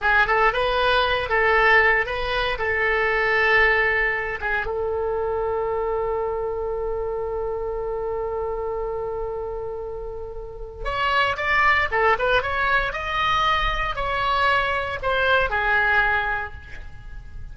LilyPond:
\new Staff \with { instrumentName = "oboe" } { \time 4/4 \tempo 4 = 116 gis'8 a'8 b'4. a'4. | b'4 a'2.~ | a'8 gis'8 a'2.~ | a'1~ |
a'1~ | a'4 cis''4 d''4 a'8 b'8 | cis''4 dis''2 cis''4~ | cis''4 c''4 gis'2 | }